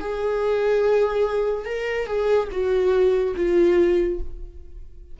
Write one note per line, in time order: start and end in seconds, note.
0.00 1.65 G#4
1.65 2.07 A#4
2.07 2.48 G#4
2.52 3.35 F#4
3.36 4.19 F4